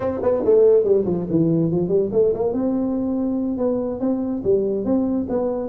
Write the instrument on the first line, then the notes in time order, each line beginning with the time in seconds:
tuba
0.00 C4
0.22 B3
0.44 A3
0.83 G3
1.05 F3
1.29 E3
1.71 F3
1.88 G3
2.11 A3
2.34 A#3
2.53 C4
3.57 B3
4.00 C4
4.44 G3
4.84 C4
5.29 B3